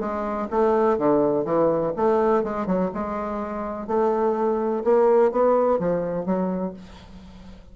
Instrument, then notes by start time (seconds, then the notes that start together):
bassoon
0.00 G#3
0.50 A3
0.98 D3
1.45 E3
1.97 A3
2.44 G#3
2.67 F#3
2.94 G#3
3.87 A3
4.84 A#3
5.32 B3
5.79 F3
6.26 F#3